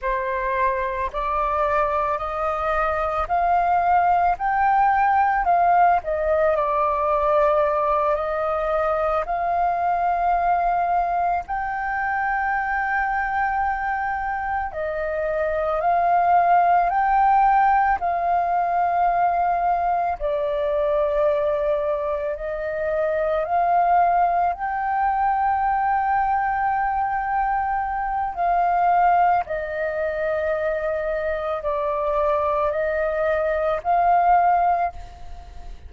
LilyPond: \new Staff \with { instrumentName = "flute" } { \time 4/4 \tempo 4 = 55 c''4 d''4 dis''4 f''4 | g''4 f''8 dis''8 d''4. dis''8~ | dis''8 f''2 g''4.~ | g''4. dis''4 f''4 g''8~ |
g''8 f''2 d''4.~ | d''8 dis''4 f''4 g''4.~ | g''2 f''4 dis''4~ | dis''4 d''4 dis''4 f''4 | }